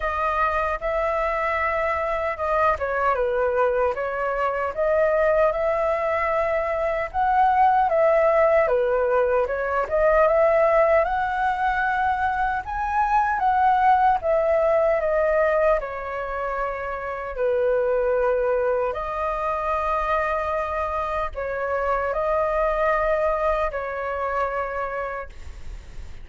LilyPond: \new Staff \with { instrumentName = "flute" } { \time 4/4 \tempo 4 = 76 dis''4 e''2 dis''8 cis''8 | b'4 cis''4 dis''4 e''4~ | e''4 fis''4 e''4 b'4 | cis''8 dis''8 e''4 fis''2 |
gis''4 fis''4 e''4 dis''4 | cis''2 b'2 | dis''2. cis''4 | dis''2 cis''2 | }